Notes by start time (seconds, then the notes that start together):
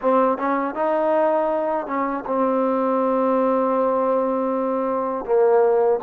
0.01 C4
0.38 C#4
0.74 D#4
1.86 C#4
2.26 C4
5.25 A#3